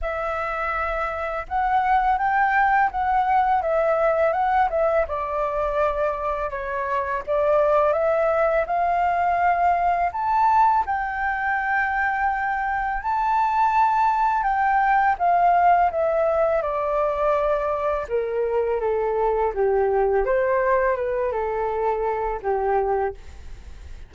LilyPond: \new Staff \with { instrumentName = "flute" } { \time 4/4 \tempo 4 = 83 e''2 fis''4 g''4 | fis''4 e''4 fis''8 e''8 d''4~ | d''4 cis''4 d''4 e''4 | f''2 a''4 g''4~ |
g''2 a''2 | g''4 f''4 e''4 d''4~ | d''4 ais'4 a'4 g'4 | c''4 b'8 a'4. g'4 | }